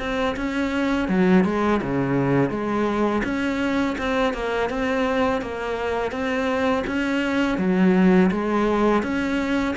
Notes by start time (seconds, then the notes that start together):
0.00 C4
0.37 C#4
1.09 F#3
1.45 G#3
1.82 C#3
2.51 G#3
3.25 C#4
3.99 C4
4.34 A#3
4.70 C4
5.42 A#3
6.12 C4
6.87 C#4
7.59 F#3
8.32 G#3
9.03 C#4